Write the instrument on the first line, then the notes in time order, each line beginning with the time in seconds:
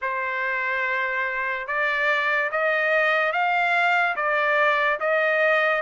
trumpet
0.01 C5
1.67 D5
2.51 D#5
3.32 F5
4.16 D5
5.00 D#5